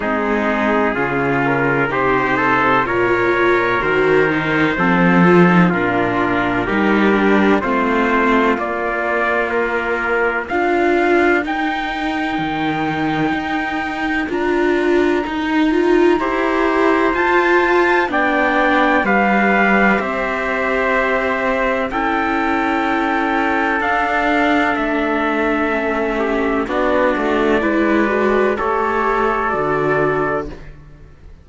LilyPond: <<
  \new Staff \with { instrumentName = "trumpet" } { \time 4/4 \tempo 4 = 63 gis'4. ais'8 c''4 cis''4 | c''2 ais'2 | c''4 d''4 ais'4 f''4 | g''2. ais''4~ |
ais''2 a''4 g''4 | f''4 e''2 g''4~ | g''4 f''4 e''2 | d''2 cis''4 d''4 | }
  \new Staff \with { instrumentName = "trumpet" } { \time 4/4 dis'4 f'4 g'8 a'8 ais'4~ | ais'4 a'4 f'4 g'4 | f'2. ais'4~ | ais'1~ |
ais'4 c''2 d''4 | b'4 c''2 a'4~ | a'2.~ a'8 g'8 | fis'4 b'4 a'2 | }
  \new Staff \with { instrumentName = "viola" } { \time 4/4 c'4 cis'4 dis'4 f'4 | fis'8 dis'8 c'8 f'16 dis'16 d'4 dis'8 d'8 | c'4 ais2 f'4 | dis'2. f'4 |
dis'8 f'8 g'4 f'4 d'4 | g'2. e'4~ | e'4 d'2 cis'4 | d'4 e'8 fis'8 g'4 fis'4 | }
  \new Staff \with { instrumentName = "cello" } { \time 4/4 gis4 cis4 c4 ais,4 | dis4 f4 ais,4 g4 | a4 ais2 d'4 | dis'4 dis4 dis'4 d'4 |
dis'4 e'4 f'4 b4 | g4 c'2 cis'4~ | cis'4 d'4 a2 | b8 a8 gis4 a4 d4 | }
>>